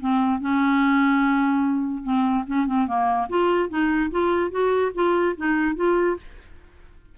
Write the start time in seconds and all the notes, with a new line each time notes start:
0.00 C4
0.40 C#4
2.03 C4
2.47 C#4
2.67 C4
2.87 A#3
3.29 F4
3.69 D#4
4.11 F4
4.51 F#4
4.94 F4
5.37 D#4
5.76 F4